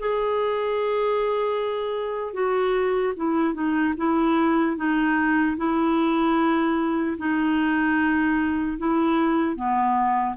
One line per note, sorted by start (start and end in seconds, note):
0.00 2.34 G#4
2.34 3.14 F#4
3.16 3.54 E4
3.54 3.94 D#4
3.97 4.77 E4
4.77 5.57 D#4
5.57 7.17 E4
7.18 8.78 D#4
8.79 9.56 E4
9.56 10.36 B3